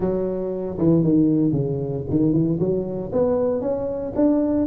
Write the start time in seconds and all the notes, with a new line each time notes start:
0.00 F#3
0.78 E3
1.03 D#3
1.51 C#3
2.09 D#3
2.33 E3
2.59 F#3
3.12 B3
3.61 C#4
4.15 D4